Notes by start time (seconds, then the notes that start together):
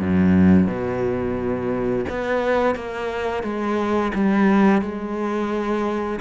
0.00 F#2
0.67 B2
2.09 B3
2.75 A#3
3.43 G#3
4.14 G3
4.82 G#3